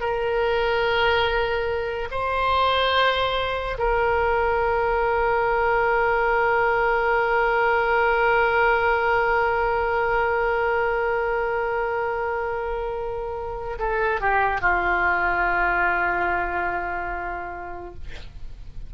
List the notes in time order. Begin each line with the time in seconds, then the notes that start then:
0.00 A#4
2.11 C5
3.78 A#4
13.79 A4
14.20 G4
14.61 F4